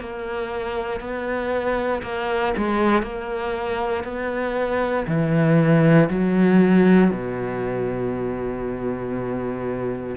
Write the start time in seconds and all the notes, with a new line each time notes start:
0.00 A#3
1.01 B3
2.02 A#3
2.57 G#3
3.02 A#3
4.04 B3
5.08 E3
6.10 F#3
7.11 B2